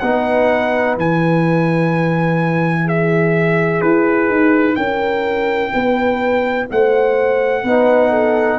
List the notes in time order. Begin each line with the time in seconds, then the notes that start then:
0.00 B3 D#4 B4 F#5
0.97 E3 E4 G#5
2.85 G#4 E5
3.81 E4 B4
4.29 D#4
4.76 C#4 A#4 G5
5.73 B3 B4
6.71 A3 C5 F#5
7.63 B3 D#4 B4
8.10 A4